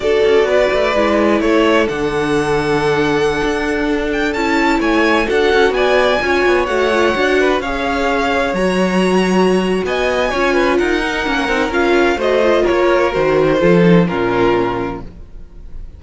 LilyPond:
<<
  \new Staff \with { instrumentName = "violin" } { \time 4/4 \tempo 4 = 128 d''2. cis''4 | fis''1~ | fis''8. g''8 a''4 gis''4 fis''8.~ | fis''16 gis''2 fis''4.~ fis''16~ |
fis''16 f''2 ais''4.~ ais''16~ | ais''4 gis''2 fis''4~ | fis''4 f''4 dis''4 cis''4 | c''2 ais'2 | }
  \new Staff \with { instrumentName = "violin" } { \time 4/4 a'4 b'2 a'4~ | a'1~ | a'2~ a'16 cis''4 a'8.~ | a'16 d''4 cis''2~ cis''8 b'16~ |
b'16 cis''2.~ cis''8.~ | cis''4 dis''4 cis''8 b'8 ais'4~ | ais'2 c''4 ais'4~ | ais'4 a'4 f'2 | }
  \new Staff \with { instrumentName = "viola" } { \time 4/4 fis'2 e'2 | d'1~ | d'4~ d'16 e'2 fis'8.~ | fis'4~ fis'16 f'4 fis'8 f'8 fis'8.~ |
fis'16 gis'2 fis'4.~ fis'16~ | fis'2 f'4. dis'8 | cis'8 dis'8 f'4 fis'8 f'4. | fis'4 f'8 dis'8 cis'2 | }
  \new Staff \with { instrumentName = "cello" } { \time 4/4 d'8 cis'8 b8 a8 gis4 a4 | d2.~ d16 d'8.~ | d'4~ d'16 cis'4 a4 d'8 cis'16~ | cis'16 b4 cis'8 b8 a4 d'8.~ |
d'16 cis'2 fis4.~ fis16~ | fis4 b4 cis'4 dis'4 | ais8 c'8 cis'4 a4 ais4 | dis4 f4 ais,2 | }
>>